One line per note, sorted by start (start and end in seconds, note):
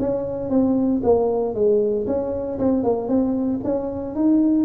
0.00 0.50 C#4
0.50 1.02 C4
1.04 1.54 A#3
1.54 2.06 G#3
2.07 2.59 C#4
2.59 2.84 C4
2.84 3.08 A#3
3.08 3.60 C4
3.64 4.15 C#4
4.15 4.65 D#4